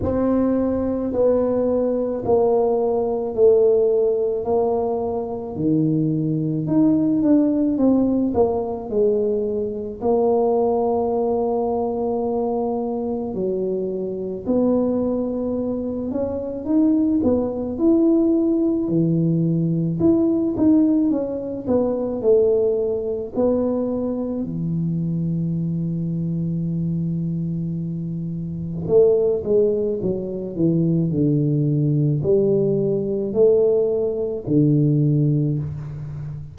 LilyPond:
\new Staff \with { instrumentName = "tuba" } { \time 4/4 \tempo 4 = 54 c'4 b4 ais4 a4 | ais4 dis4 dis'8 d'8 c'8 ais8 | gis4 ais2. | fis4 b4. cis'8 dis'8 b8 |
e'4 e4 e'8 dis'8 cis'8 b8 | a4 b4 e2~ | e2 a8 gis8 fis8 e8 | d4 g4 a4 d4 | }